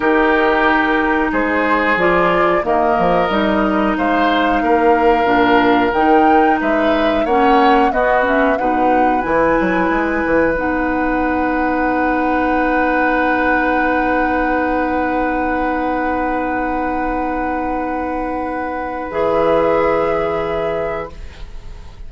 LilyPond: <<
  \new Staff \with { instrumentName = "flute" } { \time 4/4 \tempo 4 = 91 ais'2 c''4 d''4 | dis''2 f''2~ | f''4 g''4 e''4 fis''4 | dis''8 e''8 fis''4 gis''2 |
fis''1~ | fis''1~ | fis''1~ | fis''4 e''2. | }
  \new Staff \with { instrumentName = "oboe" } { \time 4/4 g'2 gis'2 | ais'2 c''4 ais'4~ | ais'2 b'4 cis''4 | fis'4 b'2.~ |
b'1~ | b'1~ | b'1~ | b'1 | }
  \new Staff \with { instrumentName = "clarinet" } { \time 4/4 dis'2. f'4 | ais4 dis'2. | d'4 dis'2 cis'4 | b8 cis'8 dis'4 e'2 |
dis'1~ | dis'1~ | dis'1~ | dis'4 gis'2. | }
  \new Staff \with { instrumentName = "bassoon" } { \time 4/4 dis2 gis4 f4 | dis8 f8 g4 gis4 ais4 | ais,4 dis4 gis4 ais4 | b4 b,4 e8 fis8 gis8 e8 |
b1~ | b1~ | b1~ | b4 e2. | }
>>